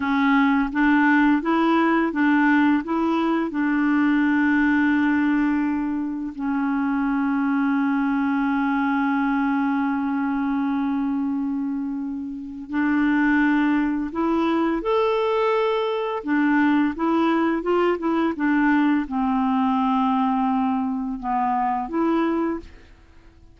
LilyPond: \new Staff \with { instrumentName = "clarinet" } { \time 4/4 \tempo 4 = 85 cis'4 d'4 e'4 d'4 | e'4 d'2.~ | d'4 cis'2.~ | cis'1~ |
cis'2 d'2 | e'4 a'2 d'4 | e'4 f'8 e'8 d'4 c'4~ | c'2 b4 e'4 | }